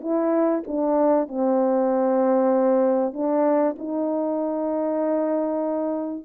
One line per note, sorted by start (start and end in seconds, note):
0.00 0.62 E4
0.67 1.28 D4
1.28 3.13 C4
3.13 3.75 D4
3.78 6.25 D#4